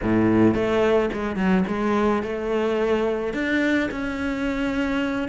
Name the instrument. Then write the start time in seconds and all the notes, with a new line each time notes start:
cello
0.02 A2
0.54 A3
1.13 G#3
1.36 F#3
1.67 G#3
2.22 A3
3.33 D4
3.91 C#4